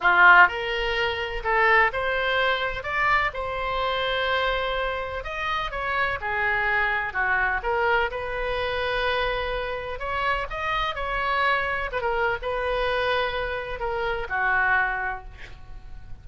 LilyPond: \new Staff \with { instrumentName = "oboe" } { \time 4/4 \tempo 4 = 126 f'4 ais'2 a'4 | c''2 d''4 c''4~ | c''2. dis''4 | cis''4 gis'2 fis'4 |
ais'4 b'2.~ | b'4 cis''4 dis''4 cis''4~ | cis''4 b'16 ais'8. b'2~ | b'4 ais'4 fis'2 | }